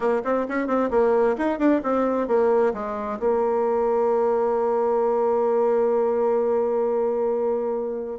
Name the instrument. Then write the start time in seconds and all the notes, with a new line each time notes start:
bassoon
0.00 A#3
0.24 C4
0.48 C#4
0.67 C4
0.90 A#3
1.37 D#4
1.58 D4
1.83 C4
2.27 A#3
2.73 G#3
3.19 A#3